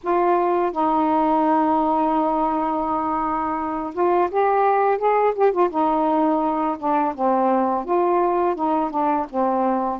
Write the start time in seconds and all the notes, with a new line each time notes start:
0.03 F4
0.71 D#4
3.93 F4
4.31 G4
4.98 G#4
5.35 G4
5.52 F4
5.70 D#4
6.78 D4
7.14 C4
7.84 F4
8.55 D#4
8.90 D4
9.29 C4